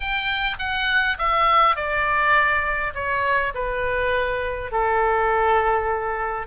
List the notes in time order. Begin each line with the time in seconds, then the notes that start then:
0.00 G5
0.59 F#5
1.18 E5
1.76 D5
2.94 C#5
3.54 B4
4.71 A4